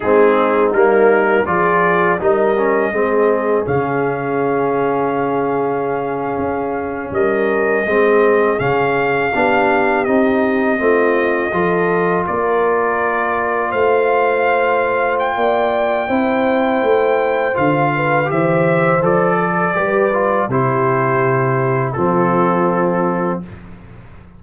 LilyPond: <<
  \new Staff \with { instrumentName = "trumpet" } { \time 4/4 \tempo 4 = 82 gis'4 ais'4 d''4 dis''4~ | dis''4 f''2.~ | f''4.~ f''16 dis''2 f''16~ | f''4.~ f''16 dis''2~ dis''16~ |
dis''8. d''2 f''4~ f''16~ | f''8. g''2.~ g''16 | f''4 e''4 d''2 | c''2 a'2 | }
  \new Staff \with { instrumentName = "horn" } { \time 4/4 dis'2 gis'4 ais'4 | gis'1~ | gis'4.~ gis'16 ais'4 gis'4~ gis'16~ | gis'8. g'2 f'4 a'16~ |
a'8. ais'2 c''4~ c''16~ | c''4 d''4 c''2~ | c''8 b'8 c''4. a'8 b'4 | g'2 f'2 | }
  \new Staff \with { instrumentName = "trombone" } { \time 4/4 c'4 ais4 f'4 dis'8 cis'8 | c'4 cis'2.~ | cis'2~ cis'8. c'4 cis'16~ | cis'8. d'4 dis'4 c'4 f'16~ |
f'1~ | f'2 e'2 | f'4 g'4 a'4 g'8 f'8 | e'2 c'2 | }
  \new Staff \with { instrumentName = "tuba" } { \time 4/4 gis4 g4 f4 g4 | gis4 cis2.~ | cis8. cis'4 g4 gis4 cis16~ | cis8. b4 c'4 a4 f16~ |
f8. ais2 a4~ a16~ | a4 ais4 c'4 a4 | d4 e4 f4 g4 | c2 f2 | }
>>